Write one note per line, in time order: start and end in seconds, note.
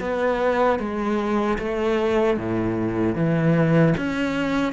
0.00 0.79 B3
0.79 1.58 G#3
1.58 2.37 A3
2.37 3.15 A2
3.15 3.94 E3
3.97 4.72 C#4